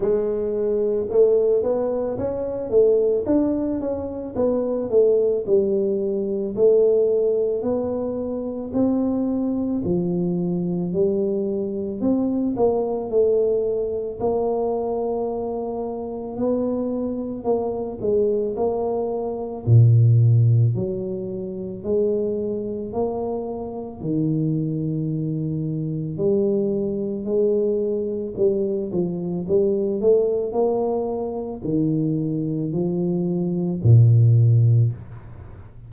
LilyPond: \new Staff \with { instrumentName = "tuba" } { \time 4/4 \tempo 4 = 55 gis4 a8 b8 cis'8 a8 d'8 cis'8 | b8 a8 g4 a4 b4 | c'4 f4 g4 c'8 ais8 | a4 ais2 b4 |
ais8 gis8 ais4 ais,4 fis4 | gis4 ais4 dis2 | g4 gis4 g8 f8 g8 a8 | ais4 dis4 f4 ais,4 | }